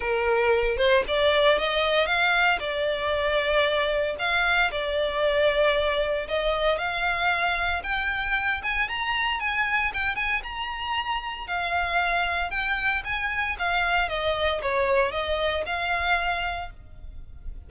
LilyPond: \new Staff \with { instrumentName = "violin" } { \time 4/4 \tempo 4 = 115 ais'4. c''8 d''4 dis''4 | f''4 d''2. | f''4 d''2. | dis''4 f''2 g''4~ |
g''8 gis''8 ais''4 gis''4 g''8 gis''8 | ais''2 f''2 | g''4 gis''4 f''4 dis''4 | cis''4 dis''4 f''2 | }